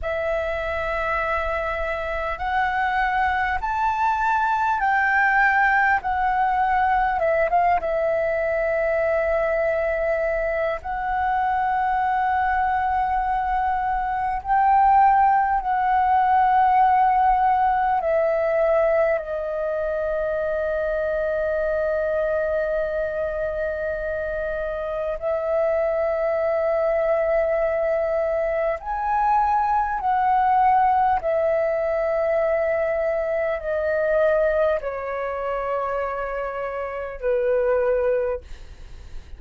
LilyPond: \new Staff \with { instrumentName = "flute" } { \time 4/4 \tempo 4 = 50 e''2 fis''4 a''4 | g''4 fis''4 e''16 f''16 e''4.~ | e''4 fis''2. | g''4 fis''2 e''4 |
dis''1~ | dis''4 e''2. | gis''4 fis''4 e''2 | dis''4 cis''2 b'4 | }